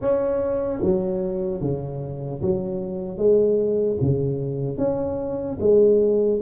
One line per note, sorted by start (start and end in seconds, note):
0.01 0.81 C#4
0.81 1.61 F#3
1.61 2.41 C#3
2.41 3.17 F#3
3.17 3.97 G#3
4.01 4.77 C#3
4.77 5.57 C#4
5.60 6.40 G#3